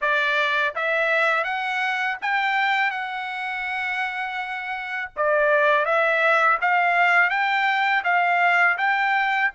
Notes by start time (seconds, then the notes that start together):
0.01 D5
0.75 E5
1.44 F#5
2.21 G5
2.90 F#5
5.16 D5
5.85 E5
6.61 F5
7.29 G5
8.04 F5
8.77 G5